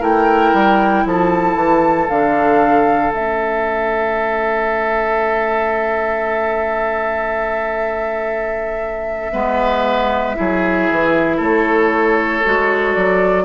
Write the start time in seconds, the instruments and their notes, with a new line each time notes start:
0.00 bassoon A3, clarinet E4, oboe A#4, flute G5
0.53 bassoon G3
1.05 bassoon F3, oboe A4, flute A5
1.55 bassoon E3
2.09 bassoon D3, clarinet D4, flute F5
3.12 bassoon A3, clarinet C#4, flute E5
9.32 bassoon G#3, clarinet B3, oboe B4
10.35 bassoon F#3, clarinet E4, oboe G#4
10.91 bassoon E3
11.37 bassoon A3, oboe A4, flute C#5
12.45 bassoon G#3, clarinet F#4
12.94 bassoon F#3, flute D5